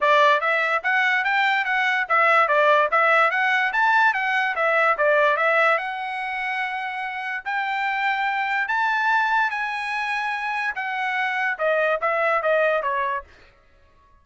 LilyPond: \new Staff \with { instrumentName = "trumpet" } { \time 4/4 \tempo 4 = 145 d''4 e''4 fis''4 g''4 | fis''4 e''4 d''4 e''4 | fis''4 a''4 fis''4 e''4 | d''4 e''4 fis''2~ |
fis''2 g''2~ | g''4 a''2 gis''4~ | gis''2 fis''2 | dis''4 e''4 dis''4 cis''4 | }